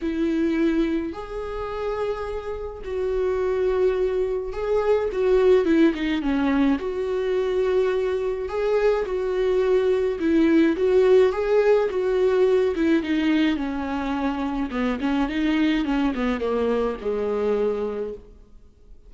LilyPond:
\new Staff \with { instrumentName = "viola" } { \time 4/4 \tempo 4 = 106 e'2 gis'2~ | gis'4 fis'2. | gis'4 fis'4 e'8 dis'8 cis'4 | fis'2. gis'4 |
fis'2 e'4 fis'4 | gis'4 fis'4. e'8 dis'4 | cis'2 b8 cis'8 dis'4 | cis'8 b8 ais4 gis2 | }